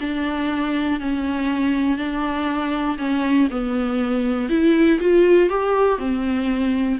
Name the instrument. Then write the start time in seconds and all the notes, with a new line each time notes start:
viola
0.00 D4
1.00 C#4
1.97 D4
2.98 C#4
3.50 B3
4.49 E4
5.00 F4
5.49 G4
5.99 C4